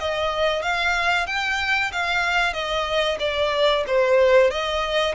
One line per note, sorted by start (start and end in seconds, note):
0.00 0.62 D#5
0.62 1.27 F5
1.27 1.91 G5
1.92 2.53 F5
2.53 3.18 D#5
3.20 3.84 D5
3.87 4.51 C5
4.51 5.15 D#5